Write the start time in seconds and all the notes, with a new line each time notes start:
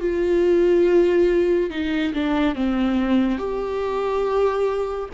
0.00 F4
1.70 D#4
2.14 D4
2.55 C4
3.38 G4